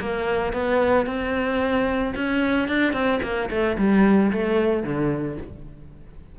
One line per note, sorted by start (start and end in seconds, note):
0.00 0.53 A#3
0.53 1.06 B3
1.06 2.14 C4
2.15 2.68 C#4
2.68 2.93 D4
2.93 3.20 C4
3.22 3.49 A#3
3.50 3.77 A3
3.78 4.32 G3
4.32 4.83 A3
4.83 5.37 D3